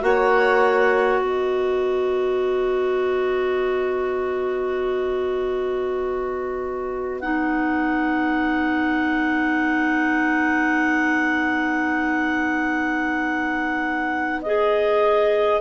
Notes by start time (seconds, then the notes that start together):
0.00 A#3 F#4 C#5 F#5
1.20 B3 B4 D#5
7.20 D#4 F#5
14.41 G#4 D#5